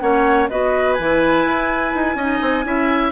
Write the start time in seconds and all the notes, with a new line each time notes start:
0.00 A#3 C#4 C#5 F#5
0.50 B3 F#4 B4 D#5
0.94 E3 E4 G#5
1.46 E4
1.95 D#4
2.16 C#4 D#4 D#5
2.42 C4
2.64 C#4 E4 E5